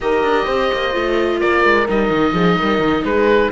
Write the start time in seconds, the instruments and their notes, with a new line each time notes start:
0.00 cello D#4, viola G4, horn A#4, oboe D#5
0.22 cello D4
0.45 cello C4, horn C5
0.72 cello A#3
0.92 cello A3, viola F4
1.40 cello A#3, horn A#4, oboe D5
1.64 cello G#3
1.88 cello G3, viola D#4, oboe D#5
2.09 cello D#3
2.33 cello F3, horn G#4
2.59 cello G3, horn A#4
2.79 cello D#3
3.04 cello G#3, horn G#4, oboe B4